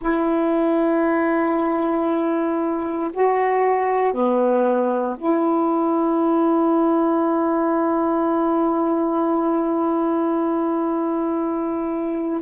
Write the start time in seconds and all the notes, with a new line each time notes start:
0.00 E4
3.13 F#4
4.13 B3
5.17 E4